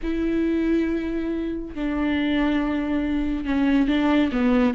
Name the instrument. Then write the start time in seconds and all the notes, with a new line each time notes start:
viola
0.02 E4
1.74 D4
3.45 C#4
3.87 D4
4.32 B3